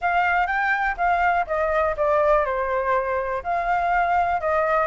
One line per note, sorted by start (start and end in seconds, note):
0.01 0.47 F5
0.47 0.95 G5
0.97 1.46 F5
1.46 1.95 D#5
1.96 2.45 D5
2.45 3.42 C5
3.43 4.41 F5
4.41 4.86 D#5